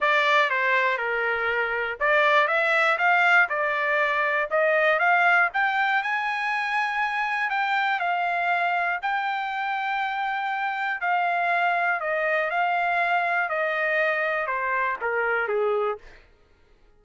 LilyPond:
\new Staff \with { instrumentName = "trumpet" } { \time 4/4 \tempo 4 = 120 d''4 c''4 ais'2 | d''4 e''4 f''4 d''4~ | d''4 dis''4 f''4 g''4 | gis''2. g''4 |
f''2 g''2~ | g''2 f''2 | dis''4 f''2 dis''4~ | dis''4 c''4 ais'4 gis'4 | }